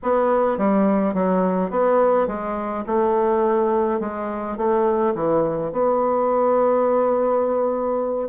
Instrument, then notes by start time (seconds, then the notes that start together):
bassoon
0.02 B3
0.57 G3
1.14 F#3
1.70 B3
2.27 G#3
2.86 A3
3.99 G#3
4.57 A3
5.14 E3
5.71 B3